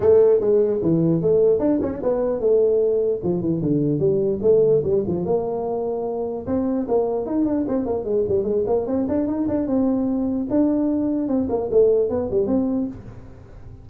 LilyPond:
\new Staff \with { instrumentName = "tuba" } { \time 4/4 \tempo 4 = 149 a4 gis4 e4 a4 | d'8 cis'8 b4 a2 | f8 e8 d4 g4 a4 | g8 f8 ais2. |
c'4 ais4 dis'8 d'8 c'8 ais8 | gis8 g8 gis8 ais8 c'8 d'8 dis'8 d'8 | c'2 d'2 | c'8 ais8 a4 b8 g8 c'4 | }